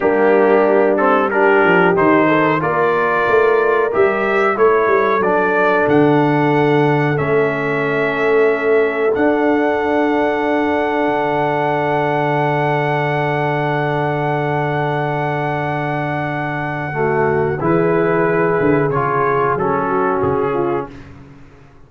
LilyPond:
<<
  \new Staff \with { instrumentName = "trumpet" } { \time 4/4 \tempo 4 = 92 g'4. a'8 ais'4 c''4 | d''2 e''4 cis''4 | d''4 fis''2 e''4~ | e''2 fis''2~ |
fis''1~ | fis''1~ | fis''2. b'4~ | b'4 cis''4 a'4 gis'4 | }
  \new Staff \with { instrumentName = "horn" } { \time 4/4 d'2 g'4. a'8 | ais'2. a'4~ | a'1~ | a'1~ |
a'1~ | a'1~ | a'2 fis'4 gis'4~ | gis'2~ gis'8 fis'4 f'8 | }
  \new Staff \with { instrumentName = "trombone" } { \time 4/4 ais4. c'8 d'4 dis'4 | f'2 g'4 e'4 | d'2. cis'4~ | cis'2 d'2~ |
d'1~ | d'1~ | d'2 a4 e'4~ | e'4 f'4 cis'2 | }
  \new Staff \with { instrumentName = "tuba" } { \time 4/4 g2~ g8 f8 dis4 | ais4 a4 g4 a8 g8 | fis4 d2 a4~ | a2 d'2~ |
d'4 d2.~ | d1~ | d2. e4~ | e8 d8 cis4 fis4 cis4 | }
>>